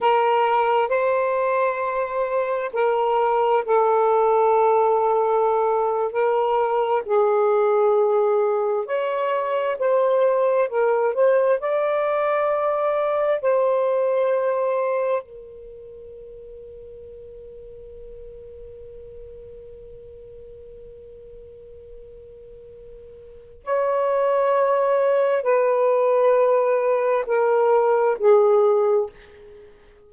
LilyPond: \new Staff \with { instrumentName = "saxophone" } { \time 4/4 \tempo 4 = 66 ais'4 c''2 ais'4 | a'2~ a'8. ais'4 gis'16~ | gis'4.~ gis'16 cis''4 c''4 ais'16~ | ais'16 c''8 d''2 c''4~ c''16~ |
c''8. ais'2.~ ais'16~ | ais'1~ | ais'2 cis''2 | b'2 ais'4 gis'4 | }